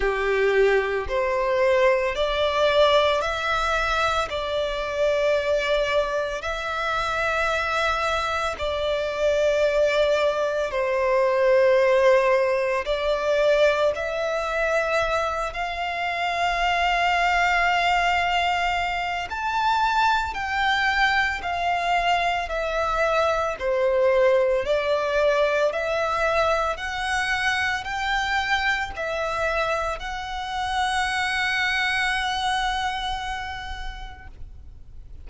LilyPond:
\new Staff \with { instrumentName = "violin" } { \time 4/4 \tempo 4 = 56 g'4 c''4 d''4 e''4 | d''2 e''2 | d''2 c''2 | d''4 e''4. f''4.~ |
f''2 a''4 g''4 | f''4 e''4 c''4 d''4 | e''4 fis''4 g''4 e''4 | fis''1 | }